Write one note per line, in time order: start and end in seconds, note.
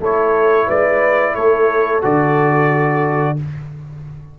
0.00 0.68 A3
0.00 2.02 E4
0.00 0.67 A4
0.00 0.70 C#5
0.67 1.35 G#3
0.67 1.34 B4
0.67 1.35 D5
1.35 2.03 A3
1.35 3.39 A4
1.35 2.02 C#5
2.02 3.39 D3
2.02 3.37 F#4
2.02 3.39 D5